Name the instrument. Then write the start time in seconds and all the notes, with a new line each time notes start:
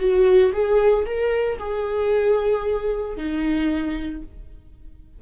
viola
0.00 F#4
0.53 G#4
1.06 A#4
1.59 G#4
3.17 D#4